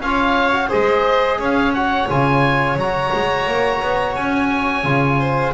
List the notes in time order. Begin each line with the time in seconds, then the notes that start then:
0.00 C#4 F4 C#5 F5
0.52 F#4
0.68 G#3 G#4 C5 D#5
1.39 C#4 C#5 F5
1.73 F#4 F#5
2.09 C#3 F4 G#5
2.75 F#3 F#4 A#5
3.13 G#3
3.46 A#3
3.82 B3
4.15 C#4 G#5
4.84 C#3 F4
5.19 C5